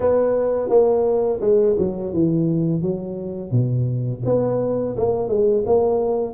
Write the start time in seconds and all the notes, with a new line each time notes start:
0.00 B3
0.69 A#3
1.40 G#3
1.78 F#3
2.13 E3
2.81 F#3
3.51 B2
4.25 B3
4.96 A#3
5.28 G#3
5.65 A#3